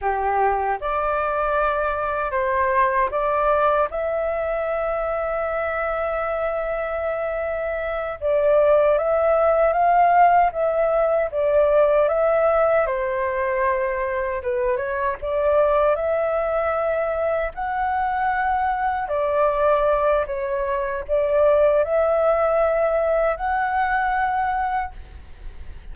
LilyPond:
\new Staff \with { instrumentName = "flute" } { \time 4/4 \tempo 4 = 77 g'4 d''2 c''4 | d''4 e''2.~ | e''2~ e''8 d''4 e''8~ | e''8 f''4 e''4 d''4 e''8~ |
e''8 c''2 b'8 cis''8 d''8~ | d''8 e''2 fis''4.~ | fis''8 d''4. cis''4 d''4 | e''2 fis''2 | }